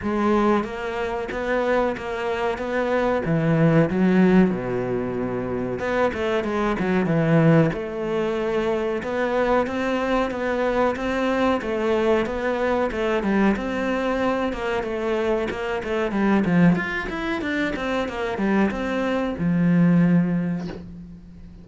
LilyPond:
\new Staff \with { instrumentName = "cello" } { \time 4/4 \tempo 4 = 93 gis4 ais4 b4 ais4 | b4 e4 fis4 b,4~ | b,4 b8 a8 gis8 fis8 e4 | a2 b4 c'4 |
b4 c'4 a4 b4 | a8 g8 c'4. ais8 a4 | ais8 a8 g8 f8 f'8 e'8 d'8 c'8 | ais8 g8 c'4 f2 | }